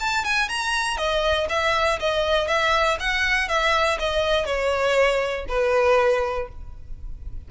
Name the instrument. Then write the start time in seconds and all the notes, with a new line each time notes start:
violin
0.00 A5
0.25 G#5
0.49 A#5
0.97 D#5
1.50 E5
2.00 D#5
2.48 E5
3.00 F#5
3.49 E5
3.99 D#5
4.46 C#5
5.49 B4